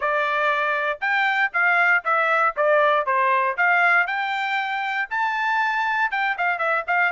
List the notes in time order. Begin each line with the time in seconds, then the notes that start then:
0.00 D5
1.01 G5
1.53 F5
2.04 E5
2.56 D5
3.06 C5
3.57 F5
4.07 G5
5.10 A5
6.11 G5
6.37 F5
6.58 E5
6.87 F5